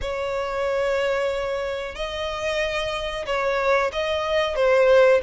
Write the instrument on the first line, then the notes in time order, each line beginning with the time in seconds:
violin
0.01 C#5
1.95 D#5
3.25 C#5
3.92 D#5
4.55 C5